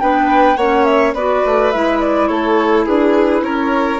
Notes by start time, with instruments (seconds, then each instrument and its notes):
0.00 bassoon B3, clarinet D4, violin B4, flute G5
0.57 bassoon A#3, clarinet C#4, violin C#5, flute F#5
0.84 flute E5
1.14 bassoon B3, clarinet F#4, violin B4, flute D5
1.45 bassoon A3
1.71 bassoon G#3, clarinet E4, flute E5
2.00 flute D5
2.27 bassoon A3, violin A4, flute C#5
2.85 bassoon D4, violin G#4, flute B4
3.42 bassoon C#4, violin A#4, flute C#5